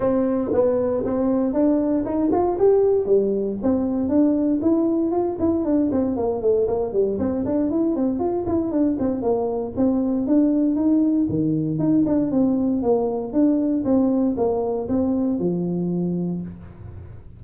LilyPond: \new Staff \with { instrumentName = "tuba" } { \time 4/4 \tempo 4 = 117 c'4 b4 c'4 d'4 | dis'8 f'8 g'4 g4 c'4 | d'4 e'4 f'8 e'8 d'8 c'8 | ais8 a8 ais8 g8 c'8 d'8 e'8 c'8 |
f'8 e'8 d'8 c'8 ais4 c'4 | d'4 dis'4 dis4 dis'8 d'8 | c'4 ais4 d'4 c'4 | ais4 c'4 f2 | }